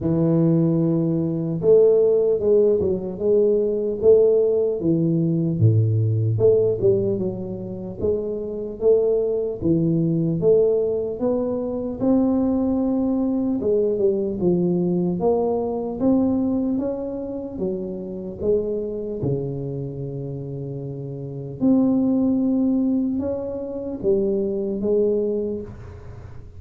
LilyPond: \new Staff \with { instrumentName = "tuba" } { \time 4/4 \tempo 4 = 75 e2 a4 gis8 fis8 | gis4 a4 e4 a,4 | a8 g8 fis4 gis4 a4 | e4 a4 b4 c'4~ |
c'4 gis8 g8 f4 ais4 | c'4 cis'4 fis4 gis4 | cis2. c'4~ | c'4 cis'4 g4 gis4 | }